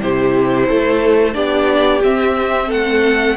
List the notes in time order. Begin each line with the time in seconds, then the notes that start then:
0.00 C3 E4 G4 C5
0.68 A3 A4
1.33 B3 D4 G4 D5
2.03 C4 E5
2.67 A3 A4 F#5